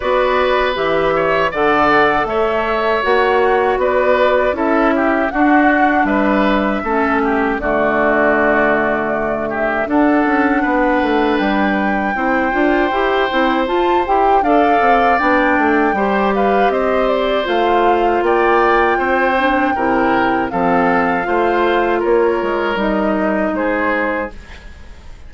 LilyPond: <<
  \new Staff \with { instrumentName = "flute" } { \time 4/4 \tempo 4 = 79 d''4 e''4 fis''4 e''4 | fis''4 d''4 e''4 fis''4 | e''2 d''2~ | d''8 e''8 fis''2 g''4~ |
g''2 a''8 g''8 f''4 | g''4. f''8 dis''8 d''8 f''4 | g''2. f''4~ | f''4 cis''4 dis''4 c''4 | }
  \new Staff \with { instrumentName = "oboe" } { \time 4/4 b'4. cis''8 d''4 cis''4~ | cis''4 b'4 a'8 g'8 fis'4 | b'4 a'8 g'8 fis'2~ | fis'8 g'8 a'4 b'2 |
c''2. d''4~ | d''4 c''8 b'8 c''2 | d''4 c''4 ais'4 a'4 | c''4 ais'2 gis'4 | }
  \new Staff \with { instrumentName = "clarinet" } { \time 4/4 fis'4 g'4 a'2 | fis'2 e'4 d'4~ | d'4 cis'4 a2~ | a4 d'2. |
e'8 f'8 g'8 e'8 f'8 g'8 a'4 | d'4 g'2 f'4~ | f'4. d'8 e'4 c'4 | f'2 dis'2 | }
  \new Staff \with { instrumentName = "bassoon" } { \time 4/4 b4 e4 d4 a4 | ais4 b4 cis'4 d'4 | g4 a4 d2~ | d4 d'8 cis'8 b8 a8 g4 |
c'8 d'8 e'8 c'8 f'8 e'8 d'8 c'8 | b8 a8 g4 c'4 a4 | ais4 c'4 c4 f4 | a4 ais8 gis8 g4 gis4 | }
>>